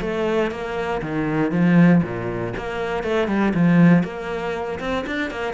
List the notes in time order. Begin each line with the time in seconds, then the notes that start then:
0.00 A3
0.50 A#3
1.01 D#3
1.51 F3
2.03 A#2
2.57 A#3
3.03 A3
3.27 G3
3.54 F3
4.03 A#3
4.79 C4
5.06 D4
5.30 A#3